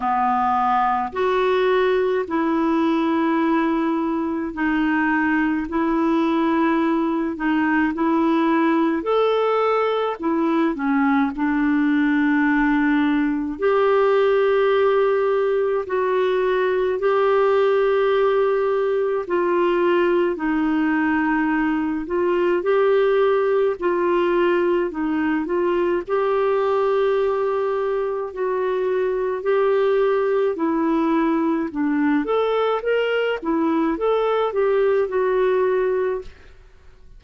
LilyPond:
\new Staff \with { instrumentName = "clarinet" } { \time 4/4 \tempo 4 = 53 b4 fis'4 e'2 | dis'4 e'4. dis'8 e'4 | a'4 e'8 cis'8 d'2 | g'2 fis'4 g'4~ |
g'4 f'4 dis'4. f'8 | g'4 f'4 dis'8 f'8 g'4~ | g'4 fis'4 g'4 e'4 | d'8 a'8 ais'8 e'8 a'8 g'8 fis'4 | }